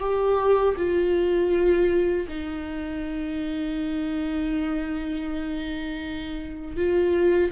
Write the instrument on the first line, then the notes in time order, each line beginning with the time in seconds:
viola
0.00 G4
0.77 F4
2.28 D#4
6.77 F4